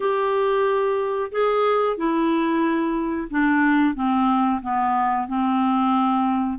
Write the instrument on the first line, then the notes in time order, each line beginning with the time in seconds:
clarinet
0.00 G4
1.31 G#4
1.96 E4
3.30 D4
3.94 C4
4.62 B3
5.27 C4